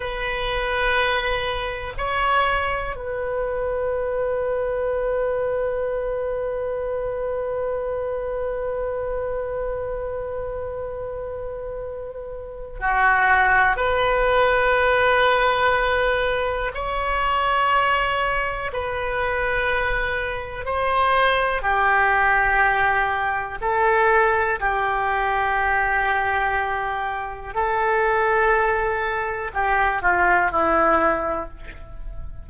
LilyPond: \new Staff \with { instrumentName = "oboe" } { \time 4/4 \tempo 4 = 61 b'2 cis''4 b'4~ | b'1~ | b'1~ | b'4 fis'4 b'2~ |
b'4 cis''2 b'4~ | b'4 c''4 g'2 | a'4 g'2. | a'2 g'8 f'8 e'4 | }